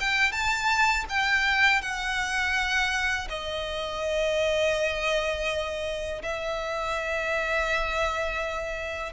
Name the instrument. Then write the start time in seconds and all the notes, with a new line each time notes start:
violin
0.00 G5
0.32 A5
1.09 G5
1.82 F#5
3.29 D#5
6.23 E5